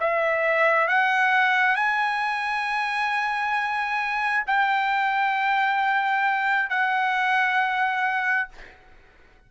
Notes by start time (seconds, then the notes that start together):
0.00 E5
0.88 F#5
1.76 G#5
4.47 G5
6.70 F#5